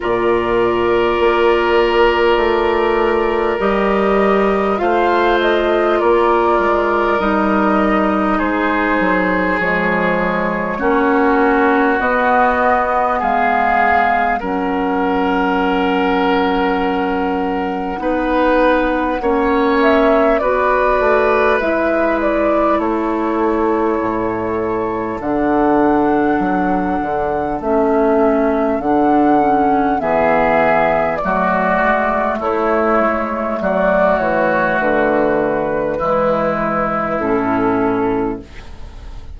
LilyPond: <<
  \new Staff \with { instrumentName = "flute" } { \time 4/4 \tempo 4 = 50 d''2. dis''4 | f''8 dis''8 d''4 dis''4 c''4 | cis''2 dis''4 f''4 | fis''1~ |
fis''8 e''8 d''4 e''8 d''8 cis''4~ | cis''4 fis''2 e''4 | fis''4 e''4 d''4 cis''4 | d''8 cis''8 b'2 a'4 | }
  \new Staff \with { instrumentName = "oboe" } { \time 4/4 ais'1 | c''4 ais'2 gis'4~ | gis'4 fis'2 gis'4 | ais'2. b'4 |
cis''4 b'2 a'4~ | a'1~ | a'4 gis'4 fis'4 e'4 | fis'2 e'2 | }
  \new Staff \with { instrumentName = "clarinet" } { \time 4/4 f'2. g'4 | f'2 dis'2 | gis4 cis'4 b2 | cis'2. dis'4 |
cis'4 fis'4 e'2~ | e'4 d'2 cis'4 | d'8 cis'8 b4 a2~ | a2 gis4 cis'4 | }
  \new Staff \with { instrumentName = "bassoon" } { \time 4/4 ais,4 ais4 a4 g4 | a4 ais8 gis8 g4 gis8 fis8 | f4 ais4 b4 gis4 | fis2. b4 |
ais4 b8 a8 gis4 a4 | a,4 d4 fis8 d8 a4 | d4 e4 fis8 gis8 a8 gis8 | fis8 e8 d4 e4 a,4 | }
>>